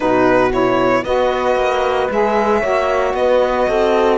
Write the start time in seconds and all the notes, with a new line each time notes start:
0.00 B2 D#4 F#4 B4
0.51 E4 C#5
1.04 B3 F#4 B4 D#5
1.55 A#3
2.10 G#3 G#4 E5
2.60 A#3 F#4 C#5
3.13 B3 B4 D#5
3.68 C4 A4